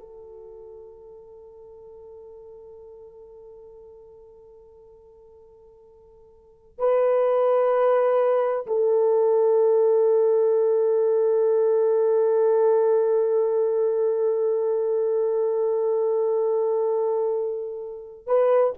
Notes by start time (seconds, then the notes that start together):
0.00 A4
6.79 B4
8.67 A4
18.27 B4